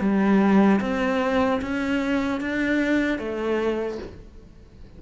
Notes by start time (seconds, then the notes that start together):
0.00 G3
0.80 C4
1.61 C#4
2.41 D4
3.19 A3